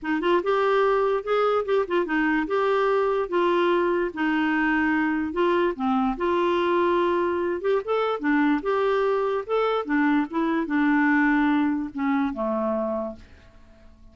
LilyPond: \new Staff \with { instrumentName = "clarinet" } { \time 4/4 \tempo 4 = 146 dis'8 f'8 g'2 gis'4 | g'8 f'8 dis'4 g'2 | f'2 dis'2~ | dis'4 f'4 c'4 f'4~ |
f'2~ f'8 g'8 a'4 | d'4 g'2 a'4 | d'4 e'4 d'2~ | d'4 cis'4 a2 | }